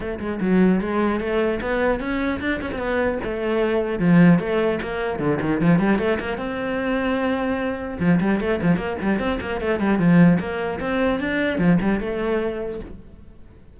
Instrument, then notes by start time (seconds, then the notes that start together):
cello
0.00 A3
0.19 G#3
0.41 F#3
0.80 G#3
1.19 A3
1.61 B3
2.00 C#4
2.40 D4
2.61 C#4
2.71 C4
2.78 B3
3.23 A3
3.99 F3
4.39 A3
4.82 A#3
5.19 D3
5.41 D#3
5.61 F3
5.79 G3
5.98 A3
6.19 A#3
6.37 C4
7.99 F3
8.20 G3
8.40 A3
8.62 F3
8.76 A#3
9.01 G3
9.19 C4
9.40 A#3
9.60 A3
9.79 G3
9.99 F3
10.39 A#3
10.80 C4
11.20 D4
11.58 F3
11.81 G3
11.99 A3